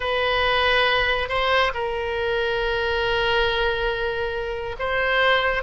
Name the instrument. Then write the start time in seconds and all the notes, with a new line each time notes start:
oboe
0.00 B4
1.29 C5
1.73 A#4
4.79 C5